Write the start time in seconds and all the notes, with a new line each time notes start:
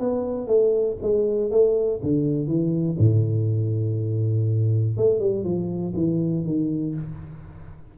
0.00 B3
0.48 A3
1.03 G#3
1.51 A3
2.03 D3
2.48 E3
2.99 A2
4.98 A3
5.20 G3
5.45 F3
5.96 E3
6.46 D#3